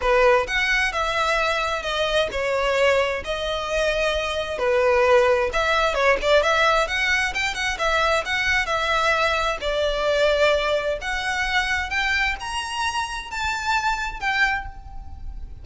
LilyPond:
\new Staff \with { instrumentName = "violin" } { \time 4/4 \tempo 4 = 131 b'4 fis''4 e''2 | dis''4 cis''2 dis''4~ | dis''2 b'2 | e''4 cis''8 d''8 e''4 fis''4 |
g''8 fis''8 e''4 fis''4 e''4~ | e''4 d''2. | fis''2 g''4 ais''4~ | ais''4 a''2 g''4 | }